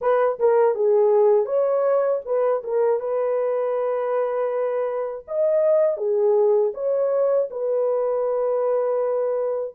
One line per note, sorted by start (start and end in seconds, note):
0.01 0.38 B4
0.39 0.74 A#4
0.74 1.45 G#4
1.45 2.20 C#5
2.25 2.62 B4
2.63 3.00 A#4
3.00 5.25 B4
5.27 5.97 D#5
5.97 6.72 G#4
6.73 7.48 C#5
7.50 9.75 B4